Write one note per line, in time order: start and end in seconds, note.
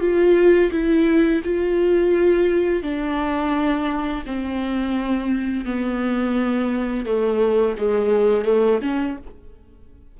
0.00 0.71 F4
0.71 1.41 E4
1.44 2.82 F4
2.82 4.24 D4
4.26 5.65 C4
5.65 7.06 B3
7.06 7.76 A3
7.77 8.44 G#3
8.44 8.80 A3
8.81 9.17 C#4